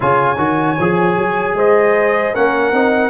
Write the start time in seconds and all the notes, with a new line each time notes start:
0.00 C#3 F4 C#5 G#5
0.37 D#3 F#4
0.79 F3 G#4
1.16 F#3
1.53 G#3 C5 D#5
2.33 A#3 C#4 A#4 F#5
2.72 C4 D#4